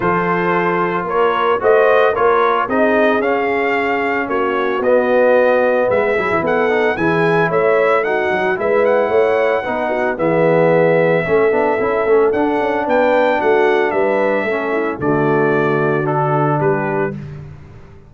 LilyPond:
<<
  \new Staff \with { instrumentName = "trumpet" } { \time 4/4 \tempo 4 = 112 c''2 cis''4 dis''4 | cis''4 dis''4 f''2 | cis''4 dis''2 e''4 | fis''4 gis''4 e''4 fis''4 |
e''8 fis''2~ fis''8 e''4~ | e''2. fis''4 | g''4 fis''4 e''2 | d''2 a'4 b'4 | }
  \new Staff \with { instrumentName = "horn" } { \time 4/4 a'2 ais'4 c''4 | ais'4 gis'2. | fis'2. b'8 gis'8 | a'4 gis'4 cis''4 fis'4 |
b'4 cis''4 b'8 fis'8 gis'4~ | gis'4 a'2. | b'4 fis'4 b'4 a'8 e'8 | fis'2. g'4 | }
  \new Staff \with { instrumentName = "trombone" } { \time 4/4 f'2. fis'4 | f'4 dis'4 cis'2~ | cis'4 b2~ b8 e'8~ | e'8 dis'8 e'2 dis'4 |
e'2 dis'4 b4~ | b4 cis'8 d'8 e'8 cis'8 d'4~ | d'2. cis'4 | a2 d'2 | }
  \new Staff \with { instrumentName = "tuba" } { \time 4/4 f2 ais4 a4 | ais4 c'4 cis'2 | ais4 b2 gis8 fis16 e16 | b4 e4 a4. fis8 |
gis4 a4 b4 e4~ | e4 a8 b8 cis'8 a8 d'8 cis'8 | b4 a4 g4 a4 | d2. g4 | }
>>